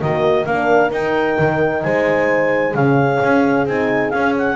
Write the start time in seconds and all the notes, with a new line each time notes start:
0.00 D#3 A#3 F#4 D#5
0.45 A#3 D4 A#4 F5
0.91 D#4 G5
1.39 D#3
1.83 G#3 C5 G#5
2.74 C#3 C#4 G#4 F5
3.23 C#4
3.66 C4 D#4 G#5
4.10 C#4 F5
4.38 F#5